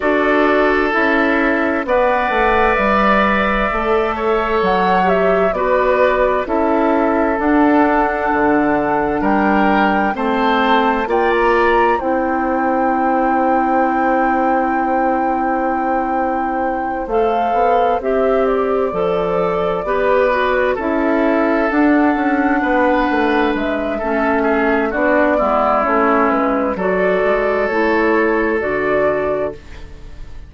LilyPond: <<
  \new Staff \with { instrumentName = "flute" } { \time 4/4 \tempo 4 = 65 d''4 e''4 fis''4 e''4~ | e''4 fis''8 e''8 d''4 e''4 | fis''2 g''4 a''4 | g''16 ais''8. g''2.~ |
g''2~ g''8 f''4 e''8 | d''2~ d''8 e''4 fis''8~ | fis''4. e''4. d''4 | cis''8 b'8 d''4 cis''4 d''4 | }
  \new Staff \with { instrumentName = "oboe" } { \time 4/4 a'2 d''2~ | d''8 cis''4. b'4 a'4~ | a'2 ais'4 c''4 | d''4 c''2.~ |
c''1~ | c''4. b'4 a'4.~ | a'8 b'4. a'8 gis'8 fis'8 e'8~ | e'4 a'2. | }
  \new Staff \with { instrumentName = "clarinet" } { \time 4/4 fis'4 e'4 b'2 | a'4. g'8 fis'4 e'4 | d'2. c'4 | f'4 e'2.~ |
e'2~ e'8 a'4 g'8~ | g'8 a'4 g'8 fis'8 e'4 d'8~ | d'2 cis'4 d'8 b8 | cis'4 fis'4 e'4 fis'4 | }
  \new Staff \with { instrumentName = "bassoon" } { \time 4/4 d'4 cis'4 b8 a8 g4 | a4 fis4 b4 cis'4 | d'4 d4 g4 a4 | ais4 c'2.~ |
c'2~ c'8 a8 b8 c'8~ | c'8 f4 b4 cis'4 d'8 | cis'8 b8 a8 gis8 a4 b8 gis8 | a8 gis8 fis8 gis8 a4 d4 | }
>>